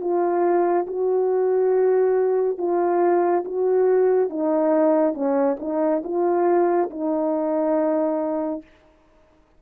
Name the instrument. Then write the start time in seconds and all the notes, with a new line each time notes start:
horn
0.00 F4
0.87 F#4
2.58 F4
3.45 F#4
4.29 D#4
5.14 C#4
5.59 D#4
6.04 F4
6.90 D#4